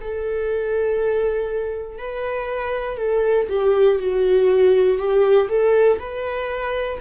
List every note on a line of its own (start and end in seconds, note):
0.00 1.98 A4
1.98 2.97 B4
2.97 3.47 A4
3.49 3.98 G4
3.98 4.98 F#4
4.98 5.48 G4
5.48 5.98 A4
5.99 6.99 B4